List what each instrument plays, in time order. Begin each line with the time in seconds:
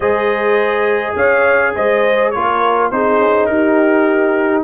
0.00 tuba G#3, trombone G#4, horn C5, trumpet D#5
1.15 tuba C#4, horn C#5, trumpet F5
1.75 tuba G#3, horn C5, trumpet D#5
2.30 tuba A#3, trombone F4, horn A#4, trumpet C#5
2.91 tuba C4, trombone D#4, horn G#4, trumpet C5
3.18 tuba C#4
3.46 tuba D#4, horn G4, trumpet A#4